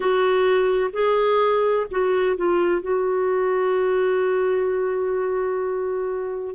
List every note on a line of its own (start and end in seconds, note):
0.00 0.90 F#4
0.92 1.86 G#4
1.90 2.36 F#4
2.36 2.81 F4
2.81 6.55 F#4